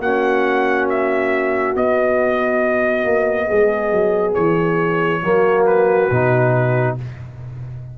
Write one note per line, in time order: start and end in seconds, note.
0.00 1.74 A#3
0.00 1.76 C#4
0.00 3.47 F#4
0.00 0.88 F#5
0.89 1.76 E5
1.76 3.05 B3
1.76 5.23 B3
1.76 4.34 D#5
3.05 3.48 A#3
3.47 3.92 G#3
3.47 5.21 G#4
3.92 4.35 F#3
4.34 5.23 E3
4.34 5.65 C#5
5.23 6.10 F#3
5.23 6.10 A#3
5.23 6.97 F#4
5.66 6.97 B4
6.11 6.98 B2
6.11 6.98 D#4